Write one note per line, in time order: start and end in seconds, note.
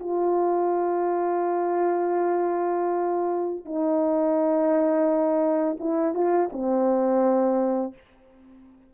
0.00 3.65 F4
3.65 5.77 D#4
5.80 6.15 E4
6.15 6.50 F4
6.53 7.94 C4